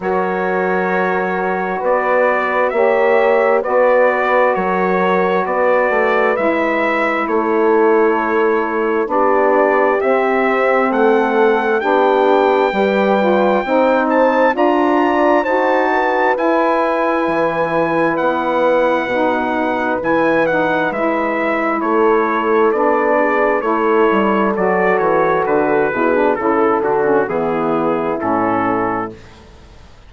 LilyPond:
<<
  \new Staff \with { instrumentName = "trumpet" } { \time 4/4 \tempo 4 = 66 cis''2 d''4 e''4 | d''4 cis''4 d''4 e''4 | cis''2 d''4 e''4 | fis''4 g''2~ g''8 a''8 |
ais''4 a''4 gis''2 | fis''2 gis''8 fis''8 e''4 | cis''4 d''4 cis''4 d''8 cis''8 | b'4 a'8 fis'8 gis'4 a'4 | }
  \new Staff \with { instrumentName = "horn" } { \time 4/4 ais'2 b'4 cis''4 | b'4 ais'4 b'2 | a'2 g'2 | a'4 g'4 b'4 c''4 |
d''4 c''8 b'2~ b'8~ | b'1 | a'4. gis'8 a'2~ | a'8 gis'8 a'4 e'2 | }
  \new Staff \with { instrumentName = "saxophone" } { \time 4/4 fis'2. g'4 | fis'2. e'4~ | e'2 d'4 c'4~ | c'4 d'4 g'8 f'8 dis'4 |
f'4 fis'4 e'2~ | e'4 dis'4 e'8 dis'8 e'4~ | e'4 d'4 e'4 fis'4~ | fis'8 e'16 d'16 e'8 d'16 cis'16 b4 cis'4 | }
  \new Staff \with { instrumentName = "bassoon" } { \time 4/4 fis2 b4 ais4 | b4 fis4 b8 a8 gis4 | a2 b4 c'4 | a4 b4 g4 c'4 |
d'4 dis'4 e'4 e4 | b4 b,4 e4 gis4 | a4 b4 a8 g8 fis8 e8 | d8 b,8 cis8 d8 e4 a,4 | }
>>